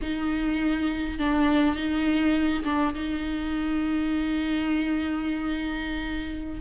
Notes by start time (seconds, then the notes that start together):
0.01 D#4
1.18 D4
1.75 D#4
2.64 D4
2.94 D#4